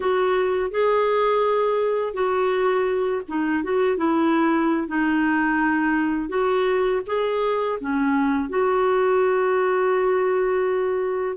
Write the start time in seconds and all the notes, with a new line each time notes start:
0.00 F#4
0.70 G#4
2.13 F#4
3.28 D#4
3.63 F#4
3.97 E4
4.87 D#4
6.28 F#4
7.06 G#4
7.80 C#4
8.49 F#4